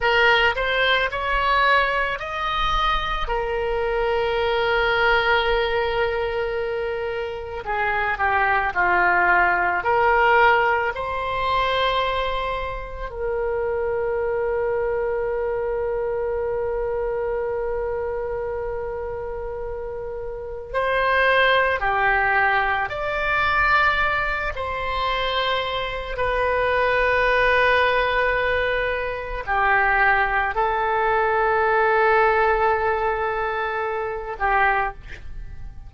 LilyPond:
\new Staff \with { instrumentName = "oboe" } { \time 4/4 \tempo 4 = 55 ais'8 c''8 cis''4 dis''4 ais'4~ | ais'2. gis'8 g'8 | f'4 ais'4 c''2 | ais'1~ |
ais'2. c''4 | g'4 d''4. c''4. | b'2. g'4 | a'2.~ a'8 g'8 | }